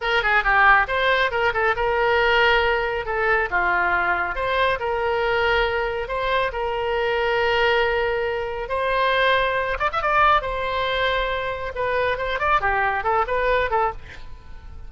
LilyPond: \new Staff \with { instrumentName = "oboe" } { \time 4/4 \tempo 4 = 138 ais'8 gis'8 g'4 c''4 ais'8 a'8 | ais'2. a'4 | f'2 c''4 ais'4~ | ais'2 c''4 ais'4~ |
ais'1 | c''2~ c''8 d''16 e''16 d''4 | c''2. b'4 | c''8 d''8 g'4 a'8 b'4 a'8 | }